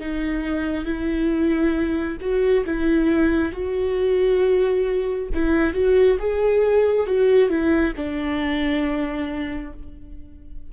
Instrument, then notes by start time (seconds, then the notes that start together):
viola
0.00 D#4
0.85 E4
2.21 F#4
2.66 E4
3.52 F#4
5.34 E4
5.74 F#4
6.19 G#4
7.07 F#4
7.50 E4
7.96 D4